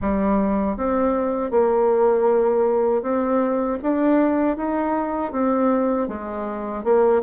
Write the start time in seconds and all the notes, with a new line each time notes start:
0.01 G3
0.76 C4
1.51 A#3
3.02 C4
3.82 D4
4.56 D#4
5.32 C4
6.08 G#3
6.84 A#3